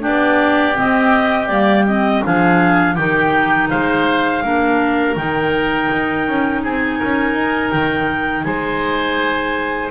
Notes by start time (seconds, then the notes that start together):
0.00 B3 D4 G4 D5
0.74 C4 D#5
1.47 G3 A#3 D5
1.87 C4 D#5
2.23 F3 D4 G#4 F5
2.95 D#3 D#4 G4 G5
3.69 G#3 C5 F5
4.43 A#3 D4 A#4
5.16 D#3 D#4 G5
5.91 D#4
6.28 C#4
6.62 C4 G#4 G#5
6.99 C#4 A#4
7.34 D#4
7.71 D#3 G5
8.43 G#3 C5 G#5